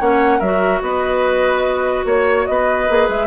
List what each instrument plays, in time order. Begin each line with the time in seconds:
0.00 bassoon A#3, clarinet C#4, oboe C#5, flute F#5
0.39 bassoon F#3, clarinet F#4, oboe A#4, flute E5
0.82 bassoon B3, oboe B4, flute D#5
2.05 bassoon A#3, oboe C#5, flute C#5
2.46 bassoon B3, oboe B4, flute D#5
2.89 bassoon A#3, clarinet G#4
3.09 bassoon G#3, flute E5